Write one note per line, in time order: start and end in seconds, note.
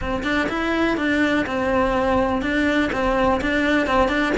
0.01 0.23 C4
0.23 0.48 D4
0.49 0.97 E4
0.97 1.45 D4
1.46 2.41 C4
2.41 2.90 D4
2.92 3.40 C4
3.41 3.86 D4
3.86 4.08 C4
4.08 4.32 D4